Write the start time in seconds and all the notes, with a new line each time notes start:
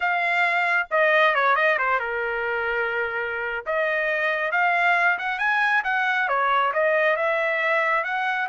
0.00 F5
0.90 D#5
1.35 C#5
1.55 D#5
1.78 C5
1.99 A#4
3.66 D#5
4.51 F5
5.18 F#5
5.38 G#5
5.84 F#5
6.28 C#5
6.73 D#5
7.16 E5
8.04 F#5